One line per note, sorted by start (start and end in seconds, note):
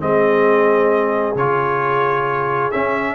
0.00 1.35 G#3
0.00 1.35 C4
0.00 3.15 G#4
0.00 1.36 D#5
1.35 2.70 C#3
1.35 2.73 F4
1.35 2.71 C#5
2.71 3.15 C#4
2.71 3.15 E5